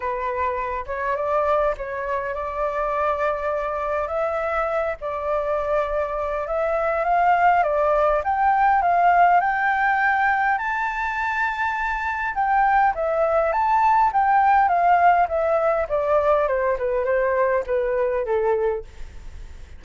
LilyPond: \new Staff \with { instrumentName = "flute" } { \time 4/4 \tempo 4 = 102 b'4. cis''8 d''4 cis''4 | d''2. e''4~ | e''8 d''2~ d''8 e''4 | f''4 d''4 g''4 f''4 |
g''2 a''2~ | a''4 g''4 e''4 a''4 | g''4 f''4 e''4 d''4 | c''8 b'8 c''4 b'4 a'4 | }